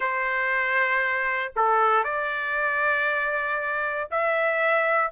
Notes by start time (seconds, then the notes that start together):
0.00 C5
1.55 A4
2.04 D5
4.10 E5